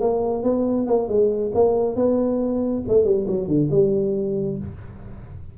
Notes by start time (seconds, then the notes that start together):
0.00 A#3
0.43 B3
0.87 A#3
1.08 G#3
1.54 A#3
1.95 B3
2.88 A3
3.04 G3
3.27 F#3
3.47 D3
3.71 G3